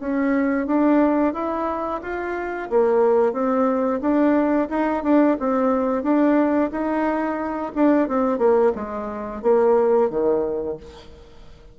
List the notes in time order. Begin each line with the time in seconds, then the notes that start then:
0.00 C#4
0.67 D4
1.33 E4
2.02 F4
2.70 A#3
3.33 C4
4.01 D4
4.70 D#4
5.03 D4
5.39 C4
6.03 D4
6.71 D#4
7.75 D4
8.08 C4
8.38 A#3
8.75 G#3
9.42 A#3
10.10 D#3